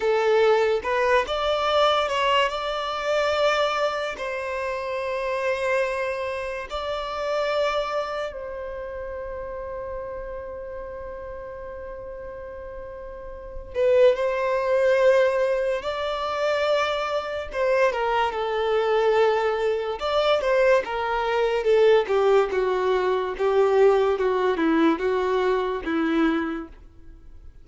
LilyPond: \new Staff \with { instrumentName = "violin" } { \time 4/4 \tempo 4 = 72 a'4 b'8 d''4 cis''8 d''4~ | d''4 c''2. | d''2 c''2~ | c''1~ |
c''8 b'8 c''2 d''4~ | d''4 c''8 ais'8 a'2 | d''8 c''8 ais'4 a'8 g'8 fis'4 | g'4 fis'8 e'8 fis'4 e'4 | }